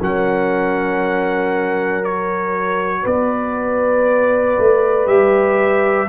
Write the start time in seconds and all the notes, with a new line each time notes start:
0.00 F#3 C#4 A#4 F#5
2.04 F#4 C#5
3.02 B3 B4 D5
4.58 A3
5.06 G3 G4 E5